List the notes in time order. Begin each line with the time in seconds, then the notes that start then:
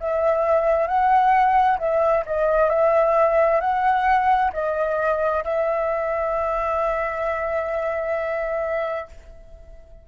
0.00 E5
0.88 F#5
1.79 E5
2.26 D#5
2.70 E5
3.61 F#5
4.53 D#5
5.45 E5